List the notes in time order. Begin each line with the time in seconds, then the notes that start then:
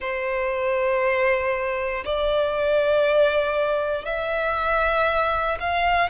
0.00 C5
2.04 D5
4.05 E5
5.60 F5